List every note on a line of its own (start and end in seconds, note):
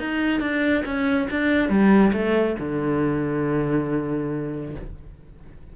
0.00 0.41 D#4
0.41 0.84 D4
0.86 1.29 C#4
1.31 1.70 D4
1.70 2.13 G3
2.13 2.57 A3
2.60 4.76 D3